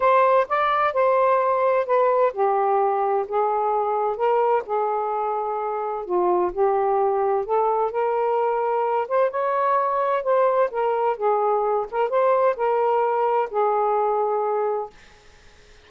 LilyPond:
\new Staff \with { instrumentName = "saxophone" } { \time 4/4 \tempo 4 = 129 c''4 d''4 c''2 | b'4 g'2 gis'4~ | gis'4 ais'4 gis'2~ | gis'4 f'4 g'2 |
a'4 ais'2~ ais'8 c''8 | cis''2 c''4 ais'4 | gis'4. ais'8 c''4 ais'4~ | ais'4 gis'2. | }